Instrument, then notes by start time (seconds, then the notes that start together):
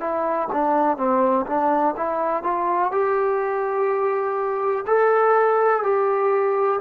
trombone
0.00 E4
0.53 D4
0.98 C4
1.47 D4
1.97 E4
2.43 F4
2.92 G4
4.87 A4
5.84 G4